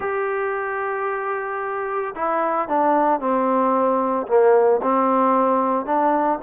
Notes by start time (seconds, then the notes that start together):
0.00 G4
2.15 E4
2.68 D4
3.19 C4
4.27 A#3
4.82 C4
5.85 D4